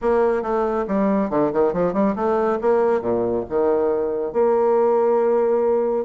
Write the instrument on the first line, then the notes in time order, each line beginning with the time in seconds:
bassoon
0.01 A#3
0.42 A3
0.87 G3
1.29 D3
1.52 D#3
1.73 F3
1.93 G3
2.15 A3
2.61 A#3
3.01 A#2
3.49 D#3
4.32 A#3